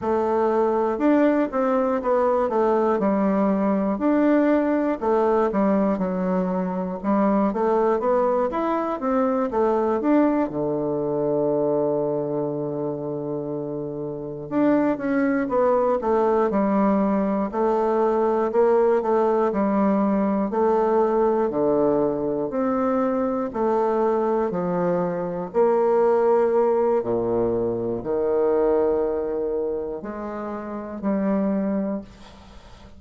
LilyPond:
\new Staff \with { instrumentName = "bassoon" } { \time 4/4 \tempo 4 = 60 a4 d'8 c'8 b8 a8 g4 | d'4 a8 g8 fis4 g8 a8 | b8 e'8 c'8 a8 d'8 d4.~ | d2~ d8 d'8 cis'8 b8 |
a8 g4 a4 ais8 a8 g8~ | g8 a4 d4 c'4 a8~ | a8 f4 ais4. ais,4 | dis2 gis4 g4 | }